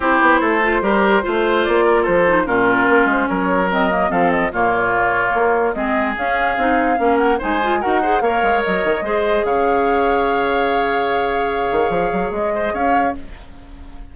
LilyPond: <<
  \new Staff \with { instrumentName = "flute" } { \time 4/4 \tempo 4 = 146 c''1 | d''4 c''4 ais'4. c''8 | cis''4 dis''4 f''8 dis''8 cis''4~ | cis''2 dis''4 f''4~ |
f''4. fis''8 gis''4 fis''4 | f''4 dis''2 f''4~ | f''1~ | f''2 dis''4 f''4 | }
  \new Staff \with { instrumentName = "oboe" } { \time 4/4 g'4 a'4 ais'4 c''4~ | c''8 ais'8 a'4 f'2 | ais'2 a'4 f'4~ | f'2 gis'2~ |
gis'4 ais'4 c''4 ais'8 c''8 | cis''2 c''4 cis''4~ | cis''1~ | cis''2~ cis''8 c''8 cis''4 | }
  \new Staff \with { instrumentName = "clarinet" } { \time 4/4 e'4. f'8 g'4 f'4~ | f'4. dis'8 cis'2~ | cis'4 c'8 ais8 c'4 ais4~ | ais2 c'4 cis'4 |
dis'4 cis'4 dis'8 f'8 fis'8 gis'8 | ais'2 gis'2~ | gis'1~ | gis'1 | }
  \new Staff \with { instrumentName = "bassoon" } { \time 4/4 c'8 b8 a4 g4 a4 | ais4 f4 ais,4 ais8 gis8 | fis2 f4 ais,4~ | ais,4 ais4 gis4 cis'4 |
c'4 ais4 gis4 dis'4 | ais8 gis8 fis8 dis8 gis4 cis4~ | cis1~ | cis8 dis8 f8 fis8 gis4 cis'4 | }
>>